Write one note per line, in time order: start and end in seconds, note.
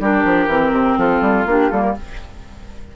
0.00 0.24 G3
0.00 0.50 D4
0.00 0.98 G4
0.00 0.99 A#4
0.25 0.47 F3
0.47 0.71 E3
0.47 1.47 C4
0.73 0.97 C3
0.98 1.22 F3
0.98 1.96 F4
0.98 1.48 A4
1.22 1.46 G3
1.46 1.70 A#3
1.46 1.72 D4
1.46 1.71 G4
1.71 1.96 G3
1.71 1.96 A#3
1.71 1.82 A4
1.82 1.94 A#4